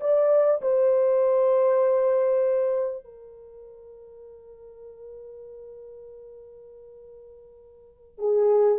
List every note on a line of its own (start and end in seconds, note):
0.00 0.61 D5
0.61 3.03 C5
3.03 8.18 A#4
8.18 8.78 G#4